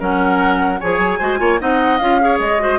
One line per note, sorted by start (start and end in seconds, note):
0.00 0.81 F#3
0.00 0.80 C#4
0.00 0.80 A#4
0.00 0.80 F#5
0.80 0.98 F3
0.80 1.21 G#4
0.80 1.19 C#5
0.80 1.60 G#5
0.98 1.18 F#3
1.19 1.40 G#3
1.19 1.39 F#4
1.19 1.39 C5
1.39 1.60 A#3
1.39 1.59 F4
1.39 1.60 C#5
1.60 2.00 C4
1.60 2.00 D#4
1.60 2.21 D#5
1.60 1.98 F#5
1.98 2.40 C#4
1.98 2.21 F4
1.98 2.38 F5
2.21 2.60 G#4
2.21 2.63 C#5
2.40 2.79 G#3
2.40 2.79 D#5
2.60 2.79 F#4
2.60 2.79 C5